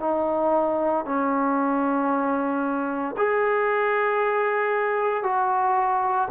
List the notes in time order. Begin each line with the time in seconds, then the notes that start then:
0.00 D#4
1.05 C#4
3.17 G#4
5.23 F#4